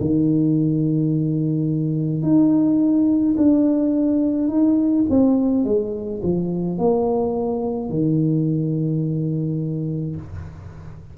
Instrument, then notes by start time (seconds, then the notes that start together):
tuba
0.00 D#3
2.22 D#4
3.37 D4
4.48 D#4
5.09 C4
5.64 G#3
6.23 F3
6.78 A#3
7.89 D#3